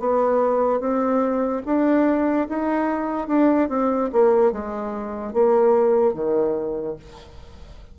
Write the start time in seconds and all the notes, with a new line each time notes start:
0.00 B3
0.80 C4
1.66 D4
2.49 D#4
3.28 D4
3.69 C4
4.13 A#3
4.52 G#3
5.33 A#3
6.14 D#3